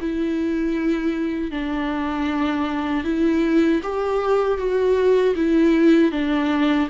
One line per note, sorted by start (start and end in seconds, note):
0.00 1.51 E4
1.51 3.04 D4
3.04 3.81 E4
3.82 4.57 G4
4.57 5.34 F#4
5.35 6.11 E4
6.11 6.88 D4